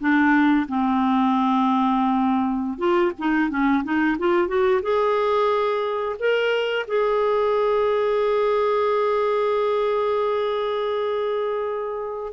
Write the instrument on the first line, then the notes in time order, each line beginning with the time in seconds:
clarinet
0.00 D4
0.68 C4
2.78 F4
3.18 D#4
3.50 C#4
3.84 D#4
4.18 F4
4.48 F#4
4.82 G#4
6.19 A#4
6.87 G#4